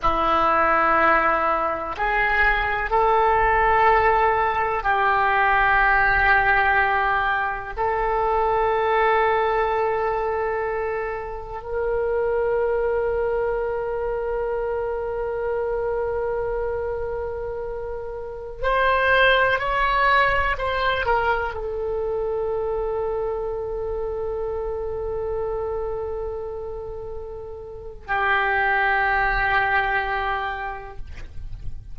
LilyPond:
\new Staff \with { instrumentName = "oboe" } { \time 4/4 \tempo 4 = 62 e'2 gis'4 a'4~ | a'4 g'2. | a'1 | ais'1~ |
ais'2.~ ais'16 c''8.~ | c''16 cis''4 c''8 ais'8 a'4.~ a'16~ | a'1~ | a'4 g'2. | }